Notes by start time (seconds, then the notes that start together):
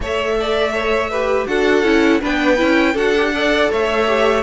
0.00 A3 A4 C#5 E5
0.40 D5
0.73 C#5
1.10 G4 B4
1.47 D4 F#4 A4 F#5
1.82 C#4 E4
2.20 B3 D4 B4 G5
2.56 C#4 E4
2.93 D4 F#4 A4 F#5
3.17 G4
3.34 A4 D5
3.70 A3 C#5 E5
4.06 G4